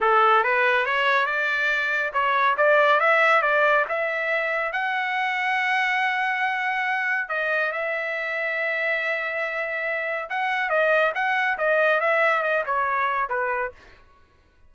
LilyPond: \new Staff \with { instrumentName = "trumpet" } { \time 4/4 \tempo 4 = 140 a'4 b'4 cis''4 d''4~ | d''4 cis''4 d''4 e''4 | d''4 e''2 fis''4~ | fis''1~ |
fis''4 dis''4 e''2~ | e''1 | fis''4 dis''4 fis''4 dis''4 | e''4 dis''8 cis''4. b'4 | }